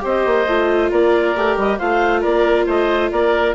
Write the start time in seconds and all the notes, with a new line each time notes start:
0.00 C4 G4 C5
0.06 D#5
0.25 A#3
0.47 A3 F4
0.91 A#3 A#4 D5
1.35 A3 G4
1.57 G3 D#5
1.78 A3 F4 C5 F5
2.21 A#3 A#4 D5
2.66 A3 C5 D#5
3.11 A#3 A#4 D5